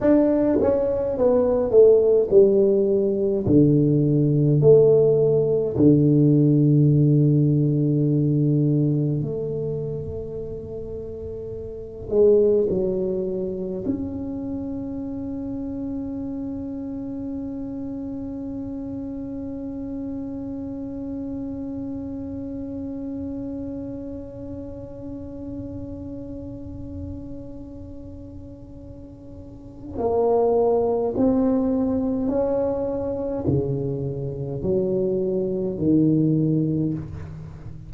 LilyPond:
\new Staff \with { instrumentName = "tuba" } { \time 4/4 \tempo 4 = 52 d'8 cis'8 b8 a8 g4 d4 | a4 d2. | a2~ a8 gis8 fis4 | cis'1~ |
cis'1~ | cis'1~ | cis'2 ais4 c'4 | cis'4 cis4 fis4 dis4 | }